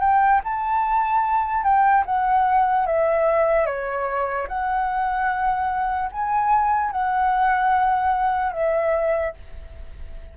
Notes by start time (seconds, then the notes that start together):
0.00 G5
0.43 A5
1.63 G5
2.05 F#5
2.86 E5
3.66 C#5
4.48 F#5
6.12 G#5
6.91 F#5
8.52 E5